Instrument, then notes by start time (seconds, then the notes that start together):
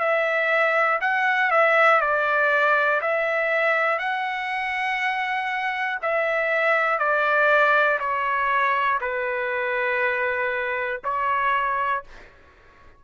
trumpet
0.00 E5
1.01 F#5
1.51 E5
2.01 D5
3.01 E5
3.99 F#5
6.02 E5
6.99 D5
8.00 C#5
9.01 B4
11.05 C#5